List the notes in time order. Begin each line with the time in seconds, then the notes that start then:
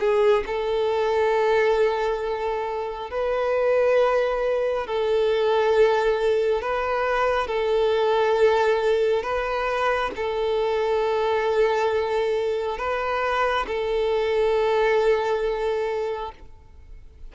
0.00 G#4
0.47 A4
3.11 B4
4.87 A4
6.62 B4
7.48 A4
9.23 B4
10.16 A4
12.78 B4
13.68 A4